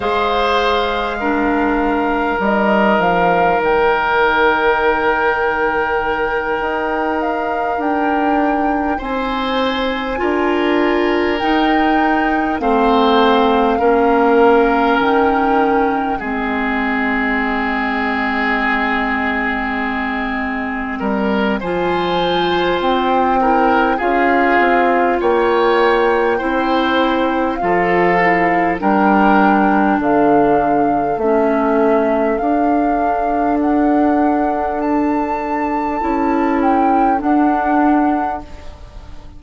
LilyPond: <<
  \new Staff \with { instrumentName = "flute" } { \time 4/4 \tempo 4 = 50 f''2 dis''8 f''8 g''4~ | g''2 f''8 g''4 gis''8~ | gis''4. g''4 f''4.~ | f''8 g''4 dis''2~ dis''8~ |
dis''2 gis''4 g''4 | f''4 g''2 f''4 | g''4 f''4 e''4 f''4 | fis''4 a''4. g''8 fis''4 | }
  \new Staff \with { instrumentName = "oboe" } { \time 4/4 c''4 ais'2.~ | ais'2.~ ais'8 c''8~ | c''8 ais'2 c''4 ais'8~ | ais'4. gis'2~ gis'8~ |
gis'4. ais'8 c''4. ais'8 | gis'4 cis''4 c''4 a'4 | ais'4 a'2.~ | a'1 | }
  \new Staff \with { instrumentName = "clarinet" } { \time 4/4 gis'4 d'4 dis'2~ | dis'1~ | dis'8 f'4 dis'4 c'4 cis'8~ | cis'4. c'2~ c'8~ |
c'2 f'4. e'8 | f'2 e'4 f'8 e'8 | d'2 cis'4 d'4~ | d'2 e'4 d'4 | }
  \new Staff \with { instrumentName = "bassoon" } { \time 4/4 gis2 g8 f8 dis4~ | dis4. dis'4 d'4 c'8~ | c'8 d'4 dis'4 a4 ais8~ | ais8 dis4 gis2~ gis8~ |
gis4. g8 f4 c'4 | cis'8 c'8 ais4 c'4 f4 | g4 d4 a4 d'4~ | d'2 cis'4 d'4 | }
>>